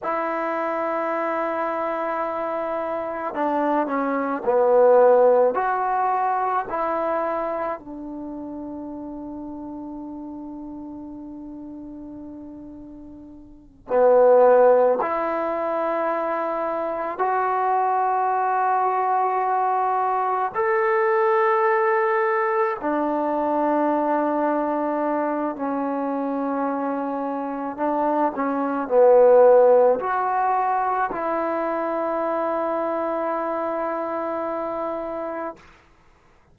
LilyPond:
\new Staff \with { instrumentName = "trombone" } { \time 4/4 \tempo 4 = 54 e'2. d'8 cis'8 | b4 fis'4 e'4 d'4~ | d'1~ | d'8 b4 e'2 fis'8~ |
fis'2~ fis'8 a'4.~ | a'8 d'2~ d'8 cis'4~ | cis'4 d'8 cis'8 b4 fis'4 | e'1 | }